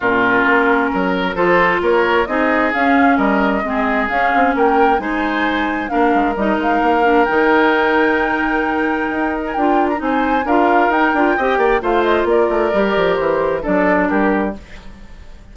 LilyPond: <<
  \new Staff \with { instrumentName = "flute" } { \time 4/4 \tempo 4 = 132 ais'2. c''4 | cis''4 dis''4 f''4 dis''4~ | dis''4 f''4 g''4 gis''4~ | gis''4 f''4 dis''8 f''4. |
g''1~ | g''8. gis''16 g''8. ais''16 gis''4 f''4 | g''2 f''8 dis''8 d''4~ | d''4 c''4 d''4 ais'4 | }
  \new Staff \with { instrumentName = "oboe" } { \time 4/4 f'2 ais'4 a'4 | ais'4 gis'2 ais'4 | gis'2 ais'4 c''4~ | c''4 ais'2.~ |
ais'1~ | ais'2 c''4 ais'4~ | ais'4 dis''8 d''8 c''4 ais'4~ | ais'2 a'4 g'4 | }
  \new Staff \with { instrumentName = "clarinet" } { \time 4/4 cis'2. f'4~ | f'4 dis'4 cis'2 | c'4 cis'2 dis'4~ | dis'4 d'4 dis'4. d'8 |
dis'1~ | dis'4 f'4 dis'4 f'4 | dis'8 f'8 g'4 f'2 | g'2 d'2 | }
  \new Staff \with { instrumentName = "bassoon" } { \time 4/4 ais,4 ais4 fis4 f4 | ais4 c'4 cis'4 g4 | gis4 cis'8 c'8 ais4 gis4~ | gis4 ais8 gis8 g8 gis8 ais4 |
dis1 | dis'4 d'4 c'4 d'4 | dis'8 d'8 c'8 ais8 a4 ais8 a8 | g8 f8 e4 fis4 g4 | }
>>